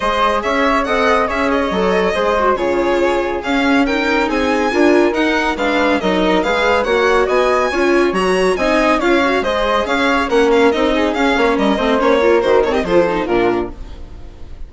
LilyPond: <<
  \new Staff \with { instrumentName = "violin" } { \time 4/4 \tempo 4 = 140 dis''4 e''4 fis''4 e''8 dis''8~ | dis''2 cis''2 | f''4 g''4 gis''2 | fis''4 f''4 dis''4 f''4 |
fis''4 gis''2 ais''4 | gis''4 f''4 dis''4 f''4 | fis''8 f''8 dis''4 f''4 dis''4 | cis''4 c''8 cis''16 dis''16 c''4 ais'4 | }
  \new Staff \with { instrumentName = "flute" } { \time 4/4 c''4 cis''4 dis''4 cis''4~ | cis''4 c''4 gis'2~ | gis'4 ais'4 gis'4 ais'4~ | ais'4 b'4 ais'4 b'4 |
cis''4 dis''4 cis''2 | dis''4 cis''4 c''4 cis''4 | ais'4. gis'4 cis''8 ais'8 c''8~ | c''8 ais'4 a'16 g'16 a'4 f'4 | }
  \new Staff \with { instrumentName = "viola" } { \time 4/4 gis'2 a'4 gis'4 | a'4 gis'8 fis'8 f'2 | cis'4 dis'2 f'4 | dis'4 d'4 dis'4 gis'4 |
fis'2 f'4 fis'4 | dis'4 f'8 fis'8 gis'2 | cis'4 dis'4 cis'4. c'8 | cis'8 f'8 fis'8 c'8 f'8 dis'8 d'4 | }
  \new Staff \with { instrumentName = "bassoon" } { \time 4/4 gis4 cis'4 c'4 cis'4 | fis4 gis4 cis2 | cis'2 c'4 d'4 | dis'4 gis4 fis4 gis4 |
ais4 b4 cis'4 fis4 | c'4 cis'4 gis4 cis'4 | ais4 c'4 cis'8 ais8 g8 a8 | ais4 dis4 f4 ais,4 | }
>>